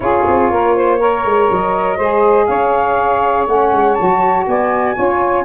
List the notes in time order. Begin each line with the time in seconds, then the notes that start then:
0.00 C#4 F4 G#4 C#5
0.26 C4
0.50 A#3 A#4
0.75 C5
0.99 A#4 C#5
1.24 G#3
1.50 F#3 D#5
1.96 G#3 C5
2.02 G#4
2.46 C#4 C#5 F5
3.47 A3 C#4 F#5
3.72 G#3
3.94 F#3 F#4 A5
4.47 B3 D5 G#5
4.94 C#4 F4 C#5